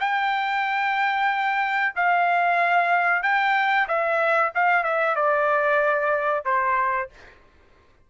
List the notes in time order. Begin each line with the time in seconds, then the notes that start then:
0.00 G5
1.95 F5
3.23 G5
3.88 E5
4.55 F5
4.83 E5
5.16 D5
6.45 C5